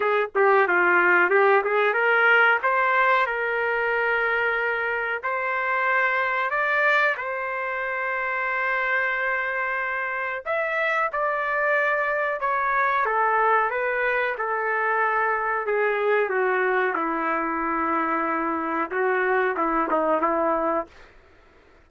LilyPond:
\new Staff \with { instrumentName = "trumpet" } { \time 4/4 \tempo 4 = 92 gis'8 g'8 f'4 g'8 gis'8 ais'4 | c''4 ais'2. | c''2 d''4 c''4~ | c''1 |
e''4 d''2 cis''4 | a'4 b'4 a'2 | gis'4 fis'4 e'2~ | e'4 fis'4 e'8 dis'8 e'4 | }